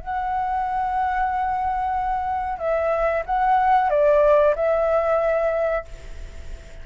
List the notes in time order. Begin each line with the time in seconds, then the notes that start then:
0.00 F#5
2.58 E5
3.26 F#5
3.90 D5
4.55 E5